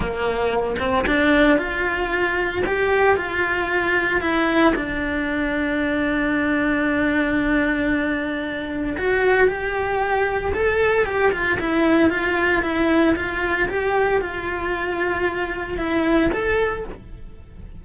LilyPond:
\new Staff \with { instrumentName = "cello" } { \time 4/4 \tempo 4 = 114 ais4. c'8 d'4 f'4~ | f'4 g'4 f'2 | e'4 d'2.~ | d'1~ |
d'4 fis'4 g'2 | a'4 g'8 f'8 e'4 f'4 | e'4 f'4 g'4 f'4~ | f'2 e'4 a'4 | }